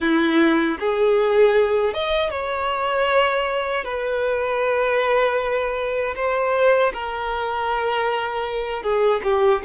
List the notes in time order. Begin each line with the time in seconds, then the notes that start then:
0.00 E4
0.79 G#4
1.93 D#5
2.30 C#5
3.84 B4
6.15 C5
6.93 A#4
8.83 G#4
9.23 G4